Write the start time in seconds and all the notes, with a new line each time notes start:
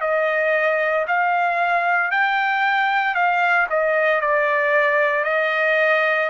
0.00 D#5
1.07 F5
2.11 G5
3.14 F5
3.69 D#5
4.21 D5
5.24 D#5